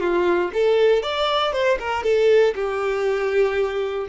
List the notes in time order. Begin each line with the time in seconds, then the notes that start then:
0.00 F4
0.53 A4
1.03 D5
1.53 C5
1.79 A#4
2.03 A4
2.55 G4